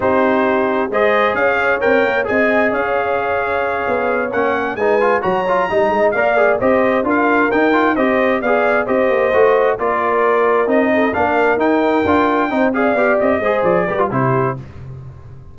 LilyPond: <<
  \new Staff \with { instrumentName = "trumpet" } { \time 4/4 \tempo 4 = 132 c''2 dis''4 f''4 | g''4 gis''4 f''2~ | f''4. fis''4 gis''4 ais''8~ | ais''4. f''4 dis''4 f''8~ |
f''8 g''4 dis''4 f''4 dis''8~ | dis''4. d''2 dis''8~ | dis''8 f''4 g''2~ g''8 | f''4 dis''4 d''4 c''4 | }
  \new Staff \with { instrumentName = "horn" } { \time 4/4 g'2 c''4 cis''4~ | cis''4 dis''4 cis''2~ | cis''2~ cis''8 b'4 cis''8~ | cis''8 dis''4 d''4 c''4 ais'8~ |
ais'4. c''4 d''4 c''8~ | c''4. ais'2~ ais'8 | a'8 ais'2. c''8 | d''4. c''4 b'8 g'4 | }
  \new Staff \with { instrumentName = "trombone" } { \time 4/4 dis'2 gis'2 | ais'4 gis'2.~ | gis'4. cis'4 dis'8 f'8 fis'8 | f'8 dis'4 ais'8 gis'8 g'4 f'8~ |
f'8 dis'8 f'8 g'4 gis'4 g'8~ | g'8 fis'4 f'2 dis'8~ | dis'8 d'4 dis'4 f'4 dis'8 | gis'8 g'4 gis'4 g'16 f'16 e'4 | }
  \new Staff \with { instrumentName = "tuba" } { \time 4/4 c'2 gis4 cis'4 | c'8 ais8 c'4 cis'2~ | cis'8 b4 ais4 gis4 fis8~ | fis8 g8 gis8 ais4 c'4 d'8~ |
d'8 dis'4 c'4 b4 c'8 | ais8 a4 ais2 c'8~ | c'8 ais4 dis'4 d'4 c'8~ | c'8 b8 c'8 gis8 f8 g8 c4 | }
>>